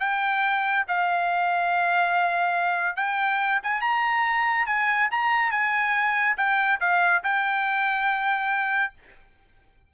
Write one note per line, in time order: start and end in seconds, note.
0.00 0.85 G5
0.88 2.96 F5
2.96 3.60 G5
3.63 3.81 G#5
3.81 4.66 A#5
4.67 5.09 G#5
5.11 5.51 A#5
5.51 6.36 G#5
6.37 6.79 G5
6.80 7.23 F5
7.23 8.94 G5